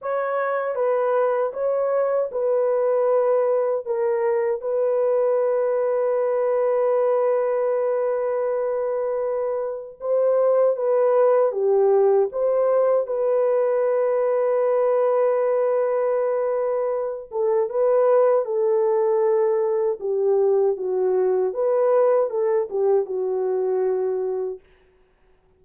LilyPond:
\new Staff \with { instrumentName = "horn" } { \time 4/4 \tempo 4 = 78 cis''4 b'4 cis''4 b'4~ | b'4 ais'4 b'2~ | b'1~ | b'4 c''4 b'4 g'4 |
c''4 b'2.~ | b'2~ b'8 a'8 b'4 | a'2 g'4 fis'4 | b'4 a'8 g'8 fis'2 | }